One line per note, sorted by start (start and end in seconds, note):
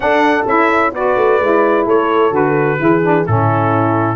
0.00 0.44 D4
0.00 0.45 D4
0.00 0.93 A4
0.00 0.46 F#5
0.46 0.92 C#4
0.46 0.93 E4
0.46 0.94 E5
0.92 1.15 B3
0.92 1.41 F#4
0.92 1.85 B4
0.92 1.88 D5
1.16 1.39 A3
1.39 1.86 G#3
1.39 2.31 E4
1.85 2.31 A3
1.85 2.78 A4
1.85 2.35 C#5
2.31 2.77 D3
2.31 2.77 F#4
2.31 3.26 B4
2.79 3.26 E3
2.79 3.02 E4
2.79 3.27 G#4
3.02 3.26 D4
3.26 4.16 A2
3.26 4.16 C#4
3.26 4.16 E4
3.26 4.16 A4